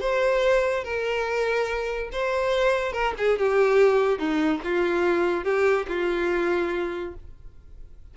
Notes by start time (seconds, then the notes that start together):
0.00 C5
0.84 A#4
2.12 C5
2.93 A#4
3.18 G#4
3.39 G4
4.18 D#4
4.64 F4
5.44 G4
5.88 F4